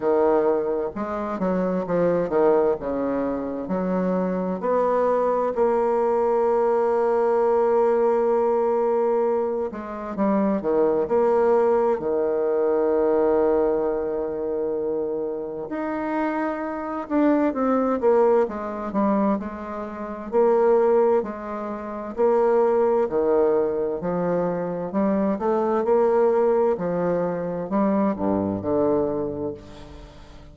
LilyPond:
\new Staff \with { instrumentName = "bassoon" } { \time 4/4 \tempo 4 = 65 dis4 gis8 fis8 f8 dis8 cis4 | fis4 b4 ais2~ | ais2~ ais8 gis8 g8 dis8 | ais4 dis2.~ |
dis4 dis'4. d'8 c'8 ais8 | gis8 g8 gis4 ais4 gis4 | ais4 dis4 f4 g8 a8 | ais4 f4 g8 g,8 d4 | }